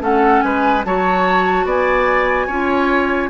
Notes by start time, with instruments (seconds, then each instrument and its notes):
0.00 bassoon A3, clarinet C#4, oboe A4, flute F#5
0.41 bassoon G#3, oboe B4, flute G#5
0.85 bassoon F#3, clarinet F#4, oboe C#5, flute A5
1.65 bassoon B3, oboe D5, flute G#5
2.47 bassoon C#4, clarinet F4, oboe C#5